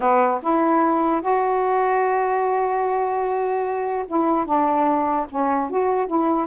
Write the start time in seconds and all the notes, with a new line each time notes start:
0.00 B3
0.42 E4
1.21 F#4
4.07 E4
4.45 D4
5.29 C#4
5.70 F#4
6.06 E4